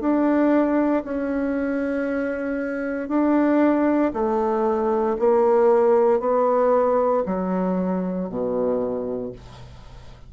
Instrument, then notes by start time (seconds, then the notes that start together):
bassoon
0.00 D4
1.04 C#4
3.08 D4
4.13 A3
5.19 A#3
6.20 B3
7.26 F#3
8.29 B2